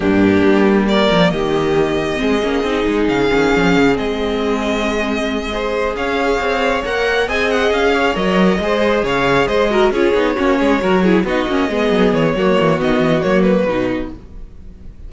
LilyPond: <<
  \new Staff \with { instrumentName = "violin" } { \time 4/4 \tempo 4 = 136 g'2 d''4 dis''4~ | dis''2. f''4~ | f''4 dis''2.~ | dis''4. f''2 fis''8~ |
fis''8 gis''8 fis''8 f''4 dis''4.~ | dis''8 f''4 dis''4 cis''4.~ | cis''4. dis''2 cis''8~ | cis''4 dis''4 cis''8 b'4. | }
  \new Staff \with { instrumentName = "violin" } { \time 4/4 d'2 ais'4 g'4~ | g'4 gis'2.~ | gis'1~ | gis'8 c''4 cis''2~ cis''8~ |
cis''8 dis''4. cis''4. c''8~ | c''8 cis''4 c''8 ais'8 gis'4 fis'8 | gis'8 ais'8 gis'8 fis'4 gis'4. | fis'1 | }
  \new Staff \with { instrumentName = "viola" } { \time 4/4 ais1~ | ais4 c'8 cis'8 dis'4. cis'8~ | cis'4 c'2.~ | c'8 gis'2. ais'8~ |
ais'8 gis'2 ais'4 gis'8~ | gis'2 fis'8 f'8 dis'8 cis'8~ | cis'8 fis'8 e'8 dis'8 cis'8 b4. | ais4 b4 ais4 dis'4 | }
  \new Staff \with { instrumentName = "cello" } { \time 4/4 g,4 g4. f8 dis4~ | dis4 gis8 ais8 c'8 gis8 cis8 dis8 | f8 cis8 gis2.~ | gis4. cis'4 c'4 ais8~ |
ais8 c'4 cis'4 fis4 gis8~ | gis8 cis4 gis4 cis'8 b8 ais8 | gis8 fis4 b8 ais8 gis8 fis8 e8 | fis8 e8 dis8 e8 fis4 b,4 | }
>>